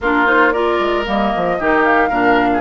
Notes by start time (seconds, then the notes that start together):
0.01 A#3 D4 F4 A#4
0.25 D#4 C5
0.52 F4 A#4 D5
0.79 G#3
1.05 G3 A#3 D#5
1.35 F3
1.58 D#3 D#4 G4
1.83 F5
2.09 A#2 D4 A#4
2.53 G#4